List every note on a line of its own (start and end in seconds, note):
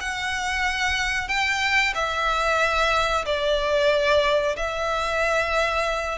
0.00 1.28 F#5
1.28 1.93 G5
1.94 3.25 E5
3.25 4.55 D5
4.56 6.18 E5